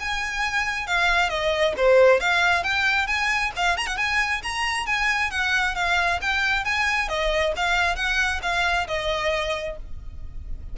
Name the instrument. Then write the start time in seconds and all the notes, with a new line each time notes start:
violin
0.00 G#5
0.87 F5
1.29 D#5
1.77 C5
2.20 F5
2.64 G5
3.07 G#5
3.57 F5
3.77 A#5
3.87 F#5
3.97 G#5
4.43 A#5
4.86 G#5
5.31 F#5
5.75 F5
6.21 G5
6.65 G#5
7.09 D#5
7.56 F5
7.96 F#5
8.42 F5
8.88 D#5